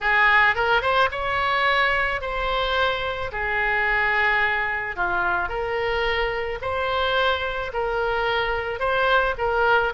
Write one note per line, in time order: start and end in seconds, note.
0.00 0.55 G#4
0.55 0.81 A#4
0.81 1.09 C5
1.11 2.21 C#5
2.21 3.31 C5
3.32 4.96 G#4
4.96 5.48 F4
5.48 6.58 A#4
6.61 7.71 C5
7.73 8.79 A#4
8.79 9.34 C5
9.38 9.93 A#4